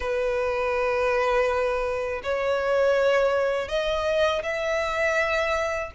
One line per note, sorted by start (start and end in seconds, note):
0.00 2.22 B4
2.23 3.68 C#5
3.68 4.42 D#5
4.42 5.91 E5